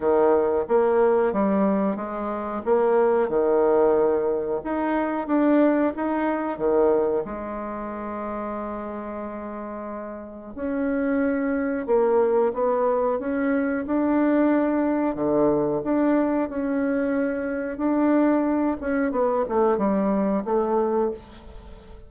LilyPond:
\new Staff \with { instrumentName = "bassoon" } { \time 4/4 \tempo 4 = 91 dis4 ais4 g4 gis4 | ais4 dis2 dis'4 | d'4 dis'4 dis4 gis4~ | gis1 |
cis'2 ais4 b4 | cis'4 d'2 d4 | d'4 cis'2 d'4~ | d'8 cis'8 b8 a8 g4 a4 | }